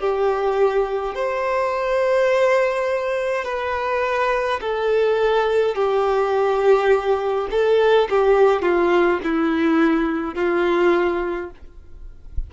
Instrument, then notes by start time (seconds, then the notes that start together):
violin
0.00 G4
1.15 C5
3.45 B4
4.60 A4
5.75 G4
7.51 A4
8.10 G4
8.62 F4
9.24 E4
10.35 F4